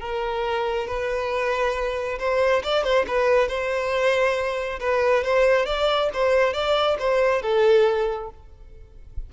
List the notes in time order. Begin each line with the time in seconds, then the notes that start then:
0.00 A#4
0.87 B4
2.19 C5
2.63 D5
2.83 C5
3.07 B4
3.48 C5
4.80 B4
5.24 C5
5.66 D5
6.13 C5
6.53 D5
6.99 C5
7.42 A4